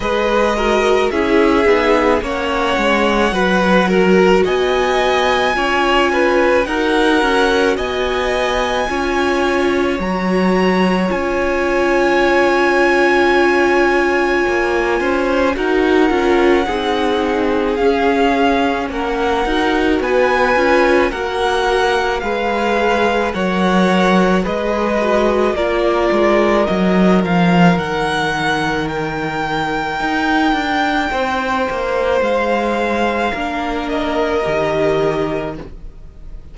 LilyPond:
<<
  \new Staff \with { instrumentName = "violin" } { \time 4/4 \tempo 4 = 54 dis''4 e''4 fis''2 | gis''2 fis''4 gis''4~ | gis''4 ais''4 gis''2~ | gis''2 fis''2 |
f''4 fis''4 gis''4 fis''4 | f''4 fis''4 dis''4 d''4 | dis''8 f''8 fis''4 g''2~ | g''4 f''4. dis''4. | }
  \new Staff \with { instrumentName = "violin" } { \time 4/4 b'8 ais'8 gis'4 cis''4 b'8 ais'8 | dis''4 cis''8 b'8 ais'4 dis''4 | cis''1~ | cis''4. c''8 ais'4 gis'4~ |
gis'4 ais'4 b'4 ais'4 | b'4 cis''4 b'4 ais'4~ | ais'1 | c''2 ais'2 | }
  \new Staff \with { instrumentName = "viola" } { \time 4/4 gis'8 fis'8 e'8 dis'8 cis'4 fis'4~ | fis'4 f'4 fis'2 | f'4 fis'4 f'2~ | f'2 fis'8 f'8 dis'4 |
cis'4. fis'4 f'8 fis'4 | gis'4 ais'4 gis'8 fis'8 f'4 | dis'1~ | dis'2 d'4 g'4 | }
  \new Staff \with { instrumentName = "cello" } { \time 4/4 gis4 cis'8 b8 ais8 gis8 fis4 | b4 cis'4 dis'8 cis'8 b4 | cis'4 fis4 cis'2~ | cis'4 ais8 cis'8 dis'8 cis'8 c'4 |
cis'4 ais8 dis'8 b8 cis'8 ais4 | gis4 fis4 gis4 ais8 gis8 | fis8 f8 dis2 dis'8 d'8 | c'8 ais8 gis4 ais4 dis4 | }
>>